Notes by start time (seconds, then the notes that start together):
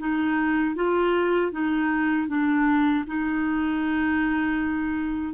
0.00 D#4
0.76 F4
1.52 D#4
2.28 D4
3.07 D#4